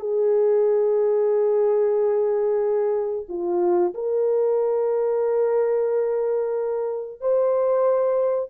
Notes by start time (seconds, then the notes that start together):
0.00 G#4
3.29 F4
3.95 A#4
7.21 C5